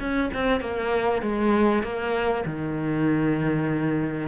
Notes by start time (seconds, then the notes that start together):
0.00 C#4
0.34 C4
0.61 A#3
1.22 G#3
1.83 A#3
2.45 D#3